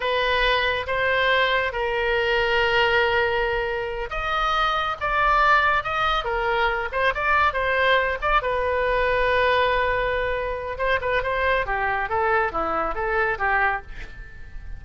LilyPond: \new Staff \with { instrumentName = "oboe" } { \time 4/4 \tempo 4 = 139 b'2 c''2 | ais'1~ | ais'4. dis''2 d''8~ | d''4. dis''4 ais'4. |
c''8 d''4 c''4. d''8 b'8~ | b'1~ | b'4 c''8 b'8 c''4 g'4 | a'4 e'4 a'4 g'4 | }